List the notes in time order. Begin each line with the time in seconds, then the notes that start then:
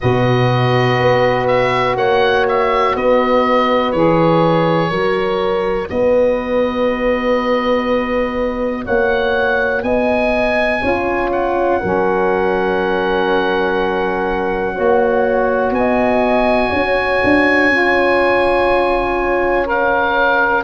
0.00 B2 F#4 B4 D#5
0.99 B3
1.47 E5
1.95 A#3 C#5 F#5
2.48 E5
2.95 B3 B4 D#5
3.91 E3 G#4 C#5
4.90 F#3 F#4 A#4
5.89 B3 B4 D#5
8.84 A#3 C#5 F#5
9.82 B3 D#5 G#5
10.81 C#4 F4 C#5
11.32 F#5
11.80 F#3 C#4 A#4
14.74 A#3 F#4 C#5
15.70 B3 G#5
15.77 D#5
16.70 C#4 C#5
17.23 D4
17.69 C#4 F4
19.65 A#4 F5